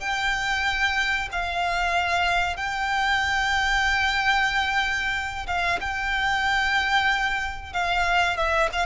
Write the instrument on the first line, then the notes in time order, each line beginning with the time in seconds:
violin
0.00 G5
1.32 F5
2.57 G5
5.48 F5
5.81 G5
7.73 F5
8.38 E5
8.73 F5